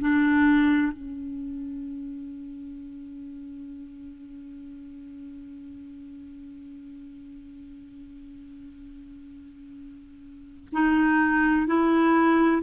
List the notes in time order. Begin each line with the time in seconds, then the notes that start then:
0.00 D4
0.92 C#4
10.72 D#4
11.66 E4